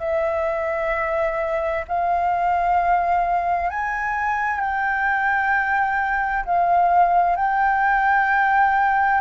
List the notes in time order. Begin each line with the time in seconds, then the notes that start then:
0.00 E5
1.88 F5
3.70 G#5
4.60 G5
6.45 F5
7.36 G5